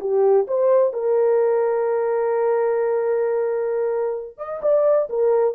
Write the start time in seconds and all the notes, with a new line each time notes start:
0.00 G4
0.47 C5
0.93 A#4
4.38 D#5
4.62 D5
5.09 A#4